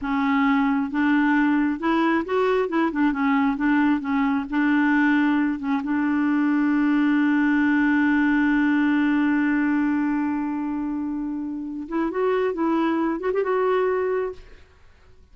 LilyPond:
\new Staff \with { instrumentName = "clarinet" } { \time 4/4 \tempo 4 = 134 cis'2 d'2 | e'4 fis'4 e'8 d'8 cis'4 | d'4 cis'4 d'2~ | d'8 cis'8 d'2.~ |
d'1~ | d'1~ | d'2~ d'8 e'8 fis'4 | e'4. fis'16 g'16 fis'2 | }